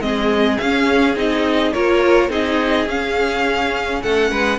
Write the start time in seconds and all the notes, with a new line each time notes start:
0.00 G#3 C4 G#4 D#5
0.57 C#4 F5
1.15 C4 D#4 D#5
1.73 A#3 F4 A#4 C#5
2.29 C4 D#4 G#4 D#5
2.86 C#4 F5
4.02 A3 A4 F#5
4.30 G#3 B4